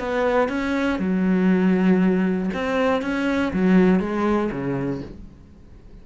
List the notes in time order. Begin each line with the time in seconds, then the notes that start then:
0.00 B3
0.49 C#4
0.99 F#3
2.54 C4
3.02 C#4
3.53 F#3
4.00 G#3
4.52 C#3